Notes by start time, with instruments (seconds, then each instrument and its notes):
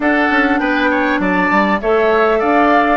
0.00 bassoon D4, clarinet D4, oboe A4, flute F#5
0.30 bassoon C#4
0.59 bassoon B3, oboe B4, flute G5
0.90 oboe C#5
1.19 bassoon F#3, oboe D5, flute A5
1.50 bassoon G3
1.80 bassoon A3, clarinet A4, oboe C#5, flute E5
2.39 bassoon D4, oboe D5, flute F5